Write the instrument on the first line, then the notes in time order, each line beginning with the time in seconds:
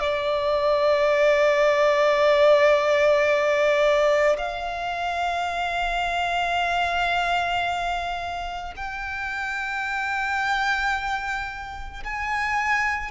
violin
0.00 D5
4.38 F5
8.76 G5
12.04 G#5